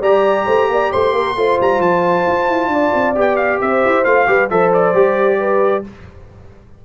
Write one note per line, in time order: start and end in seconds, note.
0.00 0.45 G3
0.00 1.36 G4
0.00 0.46 D5
0.00 0.92 A#5
0.46 0.68 A3
0.46 0.68 C5
0.68 0.91 A#3
0.68 0.92 D5
0.92 1.12 A3
0.92 1.14 C5
0.92 1.59 C6
1.12 1.35 A#3
1.12 1.37 A#4
1.35 1.57 A3
1.35 3.15 F4
1.35 2.71 C5
1.60 1.79 G3
1.60 1.81 A#5
1.79 2.24 F3
1.79 3.15 A5
2.27 2.48 F4
2.48 2.67 E4
2.67 2.90 D4
2.67 3.61 D5
2.94 3.16 C4
3.15 3.61 B3
3.15 4.04 G4
3.15 3.36 G5
3.36 3.58 F5
3.61 3.83 C4
3.61 4.28 C5
3.61 4.04 E5
3.85 4.04 E4
4.04 4.27 A3
4.04 4.27 F4
4.04 4.49 F5
4.27 4.50 G3
4.27 4.49 G4
4.27 4.50 B4
4.50 4.93 F3
4.50 4.94 A4
4.50 5.39 C5
4.50 4.72 E5
4.73 5.85 D5
4.93 5.83 G3
4.93 5.84 G4
5.39 5.83 B4